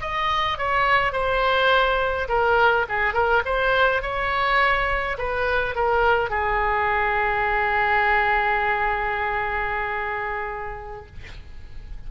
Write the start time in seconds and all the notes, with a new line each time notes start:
0.00 D#5
0.58 C#5
1.12 C5
2.28 A#4
2.89 G#4
3.13 A#4
3.45 C5
4.01 C#5
5.18 B4
5.75 A#4
6.30 G#4